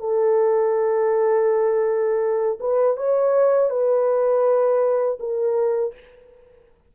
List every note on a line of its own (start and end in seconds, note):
0.00 2.59 A4
2.61 2.97 B4
2.97 3.71 C#5
3.71 5.19 B4
5.20 5.94 A#4